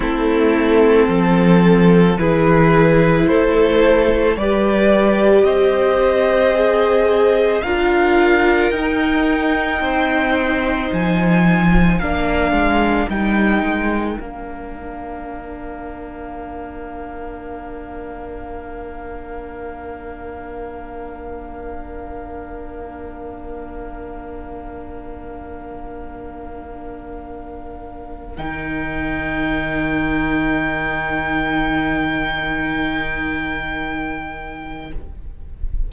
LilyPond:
<<
  \new Staff \with { instrumentName = "violin" } { \time 4/4 \tempo 4 = 55 a'2 b'4 c''4 | d''4 dis''2 f''4 | g''2 gis''4 f''4 | g''4 f''2.~ |
f''1~ | f''1~ | f''2 g''2~ | g''1 | }
  \new Staff \with { instrumentName = "violin" } { \time 4/4 e'4 a'4 gis'4 a'4 | b'4 c''2 ais'4~ | ais'4 c''2 ais'4~ | ais'1~ |
ais'1~ | ais'1~ | ais'1~ | ais'1 | }
  \new Staff \with { instrumentName = "viola" } { \time 4/4 c'2 e'2 | g'2 gis'4 f'4 | dis'2. d'4 | dis'4 d'2.~ |
d'1~ | d'1~ | d'2 dis'2~ | dis'1 | }
  \new Staff \with { instrumentName = "cello" } { \time 4/4 a4 f4 e4 a4 | g4 c'2 d'4 | dis'4 c'4 f4 ais8 gis8 | g8 gis8 ais2.~ |
ais1~ | ais1~ | ais2 dis2~ | dis1 | }
>>